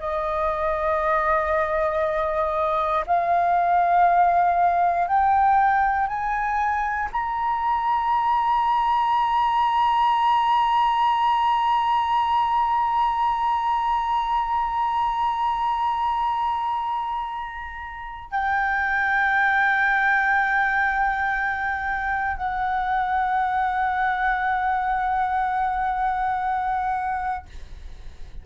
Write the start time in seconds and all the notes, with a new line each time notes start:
0.00 D#5
3.07 F5
5.08 G5
6.07 G#5
7.12 A#5
18.31 G5
22.37 F#5